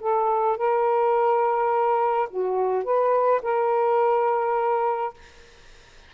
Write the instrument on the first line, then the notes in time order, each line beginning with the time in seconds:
saxophone
0.00 A4
0.57 A#4
2.30 F#4
2.84 B4
3.42 A#4